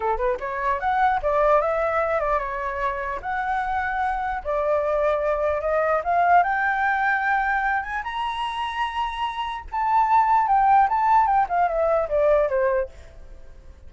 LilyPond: \new Staff \with { instrumentName = "flute" } { \time 4/4 \tempo 4 = 149 a'8 b'8 cis''4 fis''4 d''4 | e''4. d''8 cis''2 | fis''2. d''4~ | d''2 dis''4 f''4 |
g''2.~ g''8 gis''8 | ais''1 | a''2 g''4 a''4 | g''8 f''8 e''4 d''4 c''4 | }